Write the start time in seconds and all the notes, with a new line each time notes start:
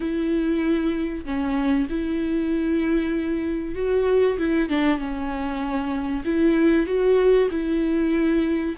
0.00 E4
1.25 C#4
1.89 E4
3.75 F#4
4.38 E4
4.69 D4
4.98 C#4
6.24 E4
6.86 F#4
7.50 E4